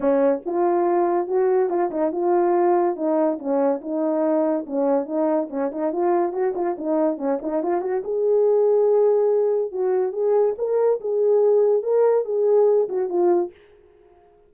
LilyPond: \new Staff \with { instrumentName = "horn" } { \time 4/4 \tempo 4 = 142 cis'4 f'2 fis'4 | f'8 dis'8 f'2 dis'4 | cis'4 dis'2 cis'4 | dis'4 cis'8 dis'8 f'4 fis'8 f'8 |
dis'4 cis'8 dis'8 f'8 fis'8 gis'4~ | gis'2. fis'4 | gis'4 ais'4 gis'2 | ais'4 gis'4. fis'8 f'4 | }